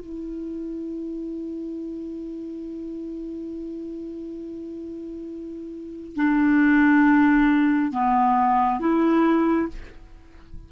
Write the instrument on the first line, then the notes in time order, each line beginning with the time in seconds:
clarinet
0.00 E4
6.16 D4
7.91 B3
8.80 E4